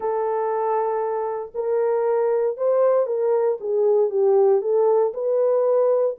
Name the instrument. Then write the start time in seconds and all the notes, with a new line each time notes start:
horn
0.00 A4
1.54 A#4
2.57 C5
3.06 A#4
3.60 G#4
4.10 G4
4.61 A4
5.13 B4